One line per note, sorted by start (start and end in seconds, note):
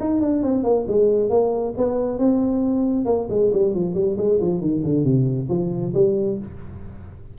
0.00 0.21 D#4
0.21 0.43 D4
0.43 0.64 C4
0.64 0.86 A#3
0.88 1.30 G#3
1.30 1.74 A#3
1.77 2.18 B3
2.18 3.05 C4
3.05 3.27 A#3
3.30 3.52 G#3
3.53 3.74 G3
3.74 3.94 F3
3.94 4.17 G3
4.18 4.40 G#3
4.41 4.61 F3
4.61 4.83 D#3
4.84 5.04 D3
5.04 5.48 C3
5.49 5.93 F3
5.94 6.38 G3